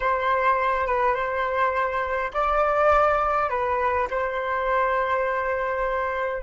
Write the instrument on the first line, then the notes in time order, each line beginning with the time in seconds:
flute
0.00 C5
0.86 B4
1.14 C5
2.33 D5
3.49 B4
4.10 C5